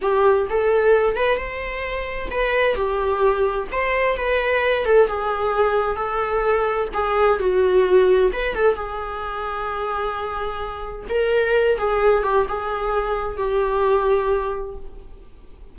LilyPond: \new Staff \with { instrumentName = "viola" } { \time 4/4 \tempo 4 = 130 g'4 a'4. b'8 c''4~ | c''4 b'4 g'2 | c''4 b'4. a'8 gis'4~ | gis'4 a'2 gis'4 |
fis'2 b'8 a'8 gis'4~ | gis'1 | ais'4. gis'4 g'8 gis'4~ | gis'4 g'2. | }